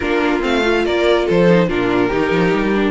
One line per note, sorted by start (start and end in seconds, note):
0.00 0.43 A#3
0.00 0.40 D4
0.00 0.82 F4
0.00 0.41 A#4
0.40 0.85 A3
0.40 0.61 C4
0.40 0.85 F5
0.64 1.48 F4
0.85 1.27 A#3
0.85 1.26 A#4
0.85 1.27 D5
1.26 1.68 F3
1.26 1.68 A4
1.26 1.69 C5
1.48 1.68 D#4
1.68 2.10 A#2
1.68 2.10 D4
1.68 2.08 F4
1.68 2.91 A#4
2.08 2.31 D#3
2.08 2.74 D#4
2.08 2.91 G4
2.31 2.52 F3
2.53 2.91 G3
2.74 2.91 D4